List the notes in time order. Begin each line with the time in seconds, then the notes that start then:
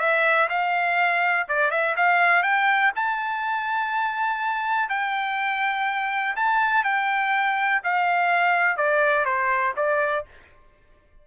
0.00 E5
0.50 F5
1.49 D5
1.71 E5
1.97 F5
2.43 G5
2.96 A5
4.89 G5
6.36 A5
6.84 G5
7.84 F5
8.77 D5
9.26 C5
9.77 D5